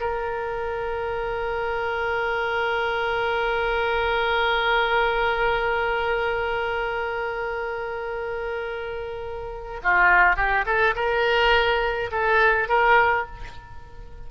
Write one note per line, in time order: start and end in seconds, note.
0.00 9.81 A#4
9.83 10.36 F4
10.36 10.65 G4
10.66 10.95 A4
10.95 12.11 A#4
12.12 12.68 A4
12.68 13.26 A#4